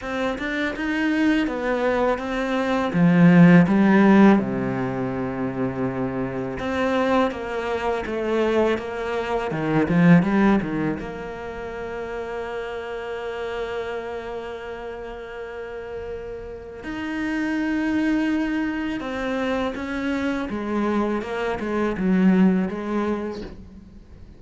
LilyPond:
\new Staff \with { instrumentName = "cello" } { \time 4/4 \tempo 4 = 82 c'8 d'8 dis'4 b4 c'4 | f4 g4 c2~ | c4 c'4 ais4 a4 | ais4 dis8 f8 g8 dis8 ais4~ |
ais1~ | ais2. dis'4~ | dis'2 c'4 cis'4 | gis4 ais8 gis8 fis4 gis4 | }